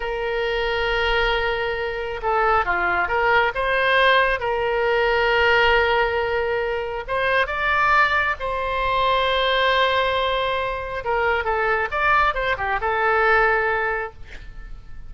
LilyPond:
\new Staff \with { instrumentName = "oboe" } { \time 4/4 \tempo 4 = 136 ais'1~ | ais'4 a'4 f'4 ais'4 | c''2 ais'2~ | ais'1 |
c''4 d''2 c''4~ | c''1~ | c''4 ais'4 a'4 d''4 | c''8 g'8 a'2. | }